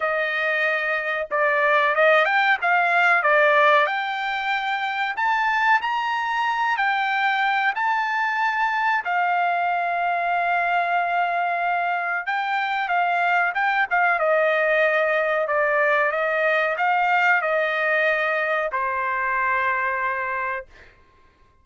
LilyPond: \new Staff \with { instrumentName = "trumpet" } { \time 4/4 \tempo 4 = 93 dis''2 d''4 dis''8 g''8 | f''4 d''4 g''2 | a''4 ais''4. g''4. | a''2 f''2~ |
f''2. g''4 | f''4 g''8 f''8 dis''2 | d''4 dis''4 f''4 dis''4~ | dis''4 c''2. | }